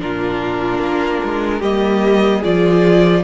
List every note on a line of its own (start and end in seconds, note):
0.00 0.79 A#2
0.00 1.62 D4
0.00 1.59 F4
0.00 1.62 A#4
0.79 1.20 A#3
1.25 1.62 G#3
1.59 2.43 G3
1.59 2.44 A#3
1.59 2.40 G4
1.59 2.44 D#5
2.40 3.24 F4
2.40 3.21 G#4
2.40 3.24 D5
2.46 3.24 F3